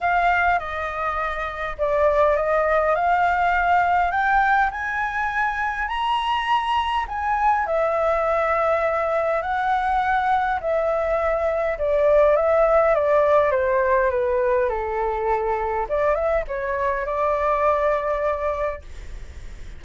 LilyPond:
\new Staff \with { instrumentName = "flute" } { \time 4/4 \tempo 4 = 102 f''4 dis''2 d''4 | dis''4 f''2 g''4 | gis''2 ais''2 | gis''4 e''2. |
fis''2 e''2 | d''4 e''4 d''4 c''4 | b'4 a'2 d''8 e''8 | cis''4 d''2. | }